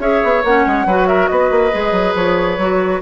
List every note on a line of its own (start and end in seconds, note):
0.00 0.22 C#4
0.00 0.44 G#4
0.00 0.87 C#5
0.00 0.44 E5
0.24 0.44 B3
0.44 0.66 A#3
0.44 0.88 C#4
0.44 1.08 F#5
0.67 0.86 G#3
0.86 1.29 F#3
0.86 1.72 F#4
0.86 1.09 B4
1.08 1.30 A#4
1.08 1.28 E5
1.28 1.51 B3
1.28 3.03 B4
1.28 2.14 D#5
1.51 1.72 A#3
1.72 1.92 G#3
1.72 2.59 G#4
1.92 2.14 F#3
2.16 2.58 F3
2.16 3.02 C#5
2.58 3.02 F#3
2.58 3.03 F#4